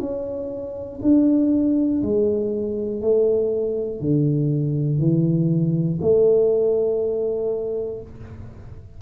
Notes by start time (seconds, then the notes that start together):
0.00 C#4
1.02 D4
2.03 G#3
3.02 A3
4.01 D3
5.00 E3
6.02 A3